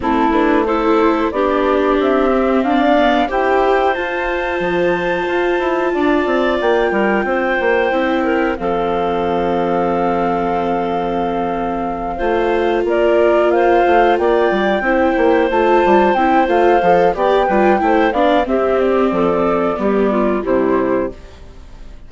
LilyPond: <<
  \new Staff \with { instrumentName = "flute" } { \time 4/4 \tempo 4 = 91 a'8 b'8 c''4 d''4 e''4 | f''4 g''4 a''2~ | a''2 g''2~ | g''4 f''2.~ |
f''2.~ f''8 d''8~ | d''8 f''4 g''2 a''8~ | a''8 g''8 f''4 g''4. f''8 | e''8 d''2~ d''8 c''4 | }
  \new Staff \with { instrumentName = "clarinet" } { \time 4/4 e'4 a'4 g'2 | d''4 c''2.~ | c''4 d''4. ais'8 c''4~ | c''8 ais'8 a'2.~ |
a'2~ a'8 c''4 ais'8~ | ais'8 c''4 d''4 c''4.~ | c''2 d''8 b'8 c''8 d''8 | g'4 a'4 g'8 f'8 e'4 | }
  \new Staff \with { instrumentName = "viola" } { \time 4/4 c'8 d'8 e'4 d'4. c'8~ | c'8 b8 g'4 f'2~ | f'1 | e'4 c'2.~ |
c'2~ c'8 f'4.~ | f'2~ f'8 e'4 f'8~ | f'8 e'8 f'8 a'8 g'8 f'8 e'8 d'8 | c'2 b4 g4 | }
  \new Staff \with { instrumentName = "bassoon" } { \time 4/4 a2 b4 c'4 | d'4 e'4 f'4 f4 | f'8 e'8 d'8 c'8 ais8 g8 c'8 ais8 | c'4 f2.~ |
f2~ f8 a4 ais8~ | ais4 a8 ais8 g8 c'8 ais8 a8 | g8 c'8 a8 f8 b8 g8 a8 b8 | c'4 f4 g4 c4 | }
>>